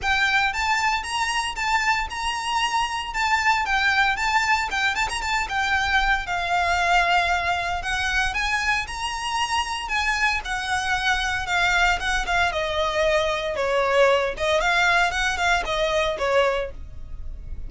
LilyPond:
\new Staff \with { instrumentName = "violin" } { \time 4/4 \tempo 4 = 115 g''4 a''4 ais''4 a''4 | ais''2 a''4 g''4 | a''4 g''8 a''16 ais''16 a''8 g''4. | f''2. fis''4 |
gis''4 ais''2 gis''4 | fis''2 f''4 fis''8 f''8 | dis''2 cis''4. dis''8 | f''4 fis''8 f''8 dis''4 cis''4 | }